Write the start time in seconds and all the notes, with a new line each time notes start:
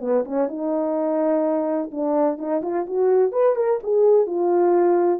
0.00 B3
0.24 C#4
0.48 D#4
1.91 D4
2.37 D#4
2.62 F4
2.86 F#4
3.31 B4
3.55 A#4
3.83 G#4
4.26 F4